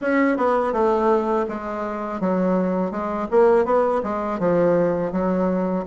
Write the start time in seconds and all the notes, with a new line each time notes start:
0.01 C#4
0.37 B3
0.72 A3
1.48 G#3
2.20 F#3
2.91 G#3
3.30 A#3
3.65 B3
4.03 G#3
4.39 F3
5.12 F#3